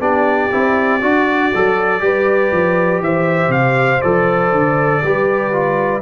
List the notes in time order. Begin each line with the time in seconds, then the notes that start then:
0.00 B3 D4 G4 D5
0.51 C4 E4
0.99 D4 F#4
1.55 F#3 A4
2.00 G3 G4 B4
2.52 F3
3.01 E3 C5 E5
3.48 C3 F5
4.01 F3 A4 D5
4.52 D3
5.03 G3 G4 B4
5.53 F4